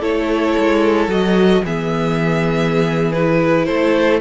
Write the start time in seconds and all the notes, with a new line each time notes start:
0.00 A3 E4 A4 C#5
0.58 G#3
1.07 F#3 F#4 D#5
1.64 E3 B3 G#4 E5
3.12 E4 B4
3.65 A3 A4 C5